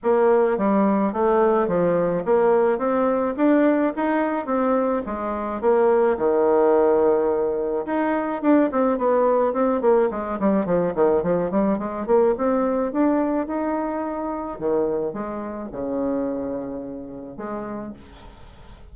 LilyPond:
\new Staff \with { instrumentName = "bassoon" } { \time 4/4 \tempo 4 = 107 ais4 g4 a4 f4 | ais4 c'4 d'4 dis'4 | c'4 gis4 ais4 dis4~ | dis2 dis'4 d'8 c'8 |
b4 c'8 ais8 gis8 g8 f8 dis8 | f8 g8 gis8 ais8 c'4 d'4 | dis'2 dis4 gis4 | cis2. gis4 | }